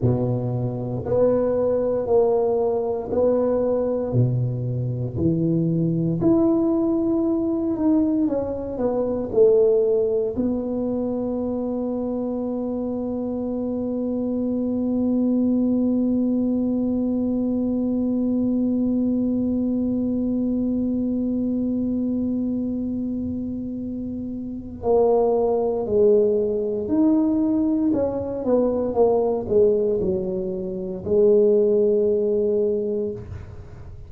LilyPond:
\new Staff \with { instrumentName = "tuba" } { \time 4/4 \tempo 4 = 58 b,4 b4 ais4 b4 | b,4 e4 e'4. dis'8 | cis'8 b8 a4 b2~ | b1~ |
b1~ | b1 | ais4 gis4 dis'4 cis'8 b8 | ais8 gis8 fis4 gis2 | }